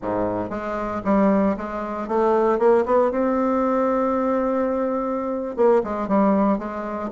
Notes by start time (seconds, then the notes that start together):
0.02 G#2
0.49 G#3
1.04 G3
1.57 G#3
2.08 A3
2.58 A#3
2.85 B3
3.11 C4
5.56 A#3
5.83 G#3
6.08 G3
6.58 G#3